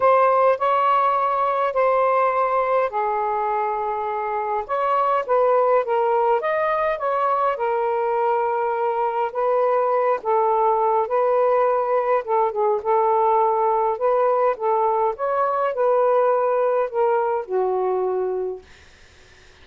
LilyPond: \new Staff \with { instrumentName = "saxophone" } { \time 4/4 \tempo 4 = 103 c''4 cis''2 c''4~ | c''4 gis'2. | cis''4 b'4 ais'4 dis''4 | cis''4 ais'2. |
b'4. a'4. b'4~ | b'4 a'8 gis'8 a'2 | b'4 a'4 cis''4 b'4~ | b'4 ais'4 fis'2 | }